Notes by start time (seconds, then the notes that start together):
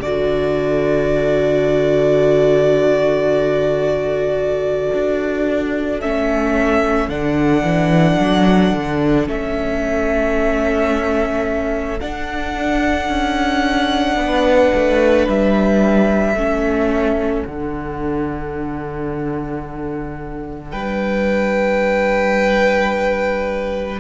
0.00 D3 F#4 A4 D5
4.94 D4
6.01 A3 C#4 E5
7.09 D3 D4 F#5
7.63 E3
8.21 F#3
8.74 D3
9.27 A3 C#4 E5
12.00 D4 F#5
13.09 C#4
14.17 B3 B4
14.75 A3
15.28 G3 E5
16.35 A3 C#4 A4
17.45 D3 D4 F#5
20.72 G3 B4 G5